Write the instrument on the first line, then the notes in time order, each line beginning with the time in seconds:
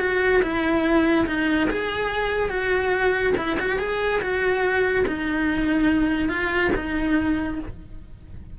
cello
0.00 F#4
0.43 E4
1.27 D#4
1.71 G#4
2.50 F#4
3.37 E4
3.60 F#4
3.79 G#4
4.21 F#4
5.08 D#4
6.29 F4
6.76 D#4